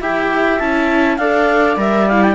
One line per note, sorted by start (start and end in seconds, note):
0.00 0.61 E4
0.00 0.60 G4
0.00 1.19 E5
0.00 0.59 G5
0.59 1.18 C#4
0.59 1.20 E4
0.59 1.17 A5
1.17 1.77 D4
1.17 1.77 A4
1.17 2.36 D5
1.17 1.77 F5
1.77 2.36 G3
1.77 2.07 A#4
1.77 2.09 E5
2.09 2.36 E4
2.09 2.23 F5
2.23 2.36 G5